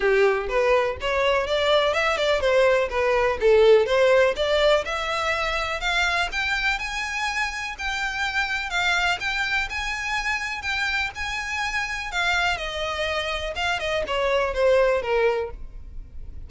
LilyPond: \new Staff \with { instrumentName = "violin" } { \time 4/4 \tempo 4 = 124 g'4 b'4 cis''4 d''4 | e''8 d''8 c''4 b'4 a'4 | c''4 d''4 e''2 | f''4 g''4 gis''2 |
g''2 f''4 g''4 | gis''2 g''4 gis''4~ | gis''4 f''4 dis''2 | f''8 dis''8 cis''4 c''4 ais'4 | }